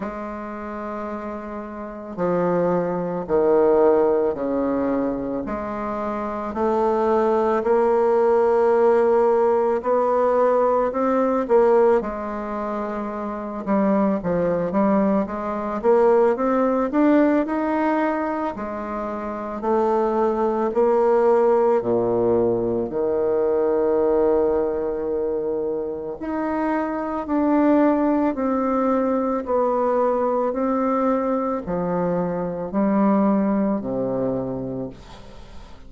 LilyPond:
\new Staff \with { instrumentName = "bassoon" } { \time 4/4 \tempo 4 = 55 gis2 f4 dis4 | cis4 gis4 a4 ais4~ | ais4 b4 c'8 ais8 gis4~ | gis8 g8 f8 g8 gis8 ais8 c'8 d'8 |
dis'4 gis4 a4 ais4 | ais,4 dis2. | dis'4 d'4 c'4 b4 | c'4 f4 g4 c4 | }